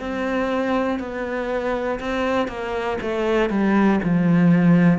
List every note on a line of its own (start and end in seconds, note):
0.00 1.00 C4
1.00 2.00 B3
2.00 2.48 C4
2.48 2.98 A#3
3.01 3.50 A3
3.50 4.00 G3
4.04 4.99 F3